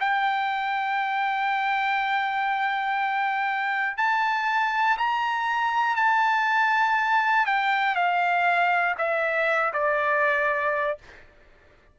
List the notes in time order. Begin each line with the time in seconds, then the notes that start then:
0.00 G5
3.97 A5
4.98 A#5
5.96 A5
7.46 G5
7.95 F5
8.98 E5
9.73 D5